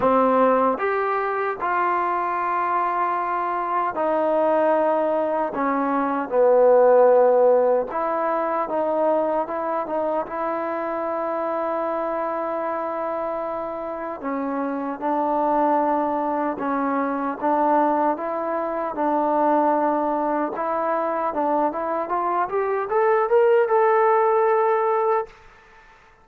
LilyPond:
\new Staff \with { instrumentName = "trombone" } { \time 4/4 \tempo 4 = 76 c'4 g'4 f'2~ | f'4 dis'2 cis'4 | b2 e'4 dis'4 | e'8 dis'8 e'2.~ |
e'2 cis'4 d'4~ | d'4 cis'4 d'4 e'4 | d'2 e'4 d'8 e'8 | f'8 g'8 a'8 ais'8 a'2 | }